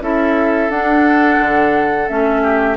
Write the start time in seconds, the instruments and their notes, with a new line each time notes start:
0.00 bassoon C#4, clarinet E4, oboe A4, flute E5
0.69 bassoon D4, clarinet D4, flute F#5
1.39 bassoon D3
2.08 bassoon A3, clarinet C#4, flute E5
2.42 oboe G4